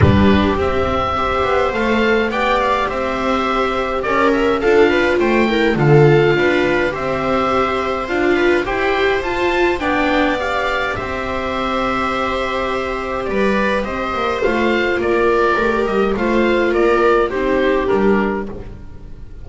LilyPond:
<<
  \new Staff \with { instrumentName = "oboe" } { \time 4/4 \tempo 4 = 104 b'4 e''2 f''4 | g''8 f''8 e''2 d''8 e''8 | f''4 g''4 f''2 | e''2 f''4 g''4 |
a''4 g''4 f''4 e''4~ | e''2. d''4 | dis''4 f''4 d''4. dis''8 | f''4 d''4 c''4 ais'4 | }
  \new Staff \with { instrumentName = "viola" } { \time 4/4 g'2 c''2 | d''4 c''2 ais'4 | a'8 b'8 c''8 ais'8 a'4 b'4 | c''2~ c''8 b'8 c''4~ |
c''4 d''2 c''4~ | c''2. b'4 | c''2 ais'2 | c''4 ais'4 g'2 | }
  \new Staff \with { instrumentName = "viola" } { \time 4/4 d'4 c'4 g'4 a'4 | g'1 | f'4. e'8 f'2 | g'2 f'4 g'4 |
f'4 d'4 g'2~ | g'1~ | g'4 f'2 g'4 | f'2 dis'4 d'4 | }
  \new Staff \with { instrumentName = "double bass" } { \time 4/4 g4 c'4. b8 a4 | b4 c'2 cis'4 | d'4 a4 d4 d'4 | c'2 d'4 e'4 |
f'4 b2 c'4~ | c'2. g4 | c'8 ais8 a4 ais4 a8 g8 | a4 ais4 c'4 g4 | }
>>